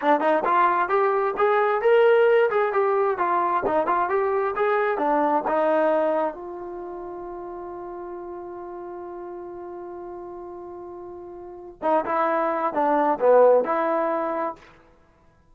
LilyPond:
\new Staff \with { instrumentName = "trombone" } { \time 4/4 \tempo 4 = 132 d'8 dis'8 f'4 g'4 gis'4 | ais'4. gis'8 g'4 f'4 | dis'8 f'8 g'4 gis'4 d'4 | dis'2 f'2~ |
f'1~ | f'1~ | f'2 dis'8 e'4. | d'4 b4 e'2 | }